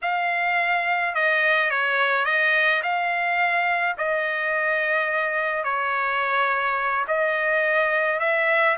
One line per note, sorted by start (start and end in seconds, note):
0.02 1.14 F5
1.14 1.70 D#5
1.70 2.25 C#5
2.25 2.81 D#5
2.83 3.96 F5
3.97 5.63 D#5
5.63 7.05 C#5
7.07 8.19 D#5
8.19 8.76 E5